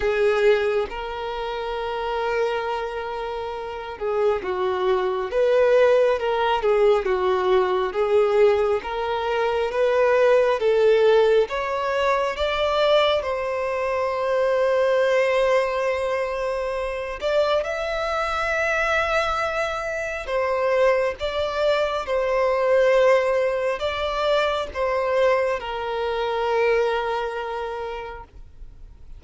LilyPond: \new Staff \with { instrumentName = "violin" } { \time 4/4 \tempo 4 = 68 gis'4 ais'2.~ | ais'8 gis'8 fis'4 b'4 ais'8 gis'8 | fis'4 gis'4 ais'4 b'4 | a'4 cis''4 d''4 c''4~ |
c''2.~ c''8 d''8 | e''2. c''4 | d''4 c''2 d''4 | c''4 ais'2. | }